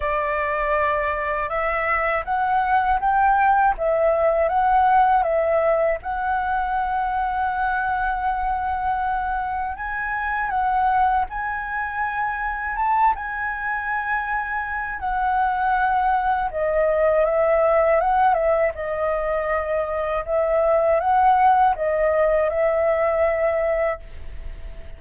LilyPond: \new Staff \with { instrumentName = "flute" } { \time 4/4 \tempo 4 = 80 d''2 e''4 fis''4 | g''4 e''4 fis''4 e''4 | fis''1~ | fis''4 gis''4 fis''4 gis''4~ |
gis''4 a''8 gis''2~ gis''8 | fis''2 dis''4 e''4 | fis''8 e''8 dis''2 e''4 | fis''4 dis''4 e''2 | }